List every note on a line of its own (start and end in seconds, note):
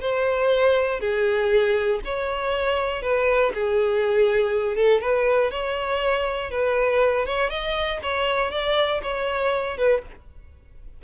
0.00 1.00 C5
1.00 2.00 G#4
2.04 3.02 C#5
3.02 3.52 B4
3.54 4.76 G#4
4.76 5.01 A4
5.01 5.51 B4
5.51 6.51 C#5
6.51 7.26 B4
7.26 7.50 C#5
7.50 8.00 D#5
8.03 8.51 C#5
8.51 9.01 D5
9.03 9.77 C#5
9.77 10.02 B4